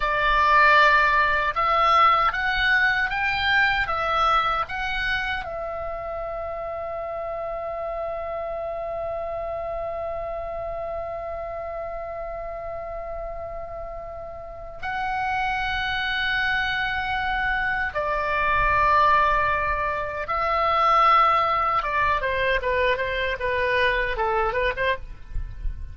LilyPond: \new Staff \with { instrumentName = "oboe" } { \time 4/4 \tempo 4 = 77 d''2 e''4 fis''4 | g''4 e''4 fis''4 e''4~ | e''1~ | e''1~ |
e''2. fis''4~ | fis''2. d''4~ | d''2 e''2 | d''8 c''8 b'8 c''8 b'4 a'8 b'16 c''16 | }